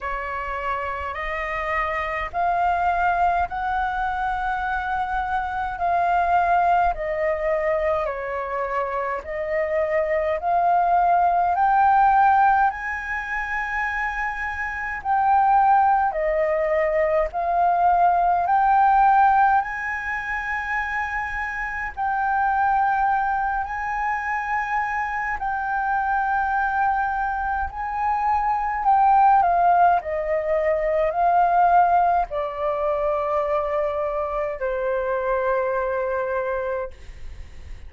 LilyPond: \new Staff \with { instrumentName = "flute" } { \time 4/4 \tempo 4 = 52 cis''4 dis''4 f''4 fis''4~ | fis''4 f''4 dis''4 cis''4 | dis''4 f''4 g''4 gis''4~ | gis''4 g''4 dis''4 f''4 |
g''4 gis''2 g''4~ | g''8 gis''4. g''2 | gis''4 g''8 f''8 dis''4 f''4 | d''2 c''2 | }